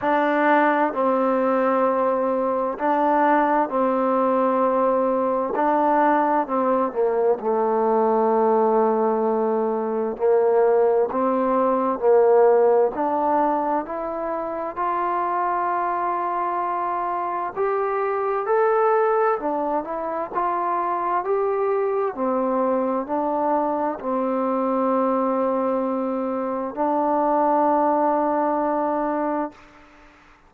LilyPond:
\new Staff \with { instrumentName = "trombone" } { \time 4/4 \tempo 4 = 65 d'4 c'2 d'4 | c'2 d'4 c'8 ais8 | a2. ais4 | c'4 ais4 d'4 e'4 |
f'2. g'4 | a'4 d'8 e'8 f'4 g'4 | c'4 d'4 c'2~ | c'4 d'2. | }